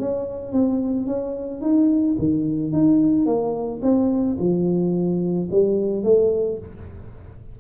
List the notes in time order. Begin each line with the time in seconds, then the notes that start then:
0.00 C#4
0.53 C4
1.07 C#4
1.62 D#4
2.19 D#3
2.73 D#4
3.26 A#3
3.83 C4
4.39 F3
5.51 G3
6.04 A3